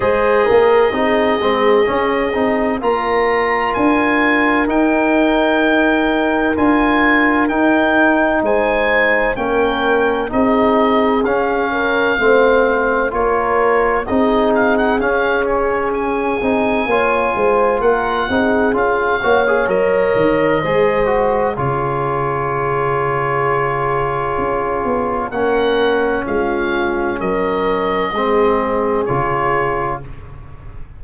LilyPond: <<
  \new Staff \with { instrumentName = "oboe" } { \time 4/4 \tempo 4 = 64 dis''2. ais''4 | gis''4 g''2 gis''4 | g''4 gis''4 g''4 dis''4 | f''2 cis''4 dis''8 f''16 fis''16 |
f''8 cis''8 gis''2 fis''4 | f''4 dis''2 cis''4~ | cis''2. fis''4 | f''4 dis''2 cis''4 | }
  \new Staff \with { instrumentName = "horn" } { \time 4/4 c''8 ais'8 gis'2 ais'4~ | ais'1~ | ais'4 c''4 ais'4 gis'4~ | gis'8 ais'8 c''4 ais'4 gis'4~ |
gis'2 cis''8 c''8 ais'8 gis'8~ | gis'8 cis''4. c''4 gis'4~ | gis'2. ais'4 | f'4 ais'4 gis'2 | }
  \new Staff \with { instrumentName = "trombone" } { \time 4/4 gis'4 dis'8 c'8 cis'8 dis'8 f'4~ | f'4 dis'2 f'4 | dis'2 cis'4 dis'4 | cis'4 c'4 f'4 dis'4 |
cis'4. dis'8 f'4. dis'8 | f'8 fis'16 gis'16 ais'4 gis'8 fis'8 f'4~ | f'2. cis'4~ | cis'2 c'4 f'4 | }
  \new Staff \with { instrumentName = "tuba" } { \time 4/4 gis8 ais8 c'8 gis8 cis'8 c'8 ais4 | d'4 dis'2 d'4 | dis'4 gis4 ais4 c'4 | cis'4 a4 ais4 c'4 |
cis'4. c'8 ais8 gis8 ais8 c'8 | cis'8 ais8 fis8 dis8 gis4 cis4~ | cis2 cis'8 b8 ais4 | gis4 fis4 gis4 cis4 | }
>>